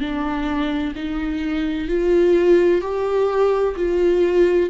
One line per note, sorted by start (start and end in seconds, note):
0.00 0.94 D4
0.95 1.88 D#4
1.88 2.82 F4
2.82 3.75 G4
3.76 4.70 F4